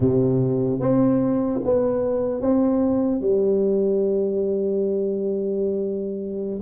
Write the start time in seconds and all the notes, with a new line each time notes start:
0.00 C3
0.80 C4
1.64 B3
2.41 C4
3.20 G3